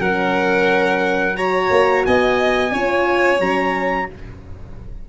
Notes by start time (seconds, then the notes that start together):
0.00 F#3 C#4 A#4 F#5
1.35 F#4 C#5 A#5
1.71 A#3
2.05 B3 D#5 G#5
2.72 C#4 F4 C#5
3.39 F#3 C#4 A#5